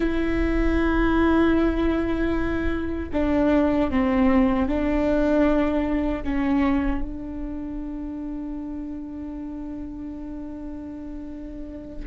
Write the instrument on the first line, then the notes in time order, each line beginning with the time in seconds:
viola
0.00 E4
3.12 D4
3.90 C4
4.68 D4
6.23 C#4
7.01 D4